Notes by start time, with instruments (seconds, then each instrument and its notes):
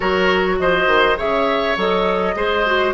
0.00 bassoon F#3, clarinet F#4, oboe A#4, flute C#5
0.59 bassoon F3, oboe C5, flute D#5
0.87 bassoon D#3
1.16 bassoon C#3, clarinet G#4, oboe C#5, flute E5
1.76 bassoon F#3, clarinet A4, flute D#5
2.35 bassoon G#3, clarinet G#4, oboe C5
2.65 clarinet F#4